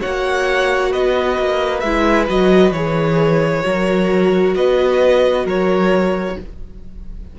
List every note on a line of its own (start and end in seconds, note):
0.00 0.94 A#3
0.00 1.82 F#4
0.00 0.91 C#5
0.00 0.92 F#5
0.91 1.38 B3
0.91 3.63 B4
0.91 1.80 D#5
1.38 1.83 A#3
1.80 2.28 G#3
1.80 2.29 E4
1.80 2.25 E5
2.29 2.71 F#3
2.29 2.74 F#4
2.29 2.72 D#5
2.71 3.62 E3
2.71 3.63 G#4
2.71 4.54 C#5
3.63 4.56 F#3
3.63 6.36 F#4
3.63 4.56 A#4
4.55 5.45 B3
4.55 5.45 B4
4.55 5.46 D#5
5.45 6.36 F#3
5.45 6.36 A#4
5.45 6.39 C#5